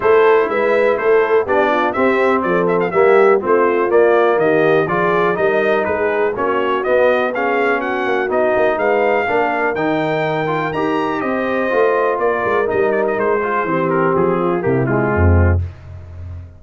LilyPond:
<<
  \new Staff \with { instrumentName = "trumpet" } { \time 4/4 \tempo 4 = 123 c''4 e''4 c''4 d''4 | e''4 d''8 e''16 f''16 e''4 c''4 | d''4 dis''4 d''4 dis''4 | b'4 cis''4 dis''4 f''4 |
fis''4 dis''4 f''2 | g''2 ais''4 dis''4~ | dis''4 d''4 dis''8 d''16 dis''16 c''4~ | c''8 ais'8 gis'4 g'8 f'4. | }
  \new Staff \with { instrumentName = "horn" } { \time 4/4 a'4 b'4 a'4 g'8 f'8 | g'4 a'4 g'4 f'4~ | f'4 g'4 gis'4 ais'4 | gis'4 fis'2 gis'4 |
fis'2 b'4 ais'4~ | ais'2. c''4~ | c''4 ais'2~ ais'8 gis'8 | g'4. f'8 e'4 c'4 | }
  \new Staff \with { instrumentName = "trombone" } { \time 4/4 e'2. d'4 | c'2 ais4 c'4 | ais2 f'4 dis'4~ | dis'4 cis'4 b4 cis'4~ |
cis'4 dis'2 d'4 | dis'4. f'8 g'2 | f'2 dis'4. f'8 | c'2 ais8 gis4. | }
  \new Staff \with { instrumentName = "tuba" } { \time 4/4 a4 gis4 a4 b4 | c'4 f4 g4 a4 | ais4 dis4 f4 g4 | gis4 ais4 b2~ |
b8 ais8 b8 ais8 gis4 ais4 | dis2 dis'4 c'4 | a4 ais8 gis8 g4 gis4 | e4 f4 c4 f,4 | }
>>